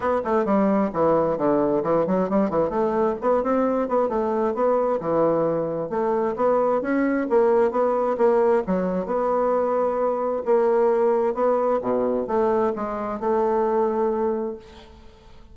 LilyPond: \new Staff \with { instrumentName = "bassoon" } { \time 4/4 \tempo 4 = 132 b8 a8 g4 e4 d4 | e8 fis8 g8 e8 a4 b8 c'8~ | c'8 b8 a4 b4 e4~ | e4 a4 b4 cis'4 |
ais4 b4 ais4 fis4 | b2. ais4~ | ais4 b4 b,4 a4 | gis4 a2. | }